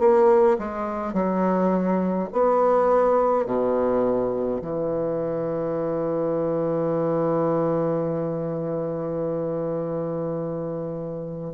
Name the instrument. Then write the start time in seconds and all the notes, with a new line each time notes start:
bassoon
0.00 A#3
0.59 G#3
1.14 F#3
2.33 B3
3.46 B2
4.62 E3